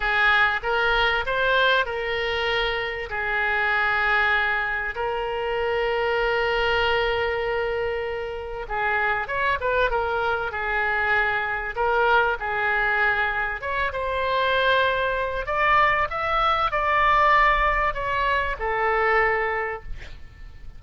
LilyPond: \new Staff \with { instrumentName = "oboe" } { \time 4/4 \tempo 4 = 97 gis'4 ais'4 c''4 ais'4~ | ais'4 gis'2. | ais'1~ | ais'2 gis'4 cis''8 b'8 |
ais'4 gis'2 ais'4 | gis'2 cis''8 c''4.~ | c''4 d''4 e''4 d''4~ | d''4 cis''4 a'2 | }